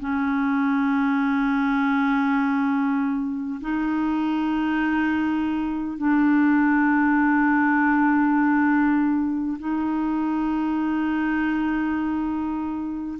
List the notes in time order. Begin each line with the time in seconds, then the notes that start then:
0.00 C#4
3.61 D#4
5.97 D4
9.58 D#4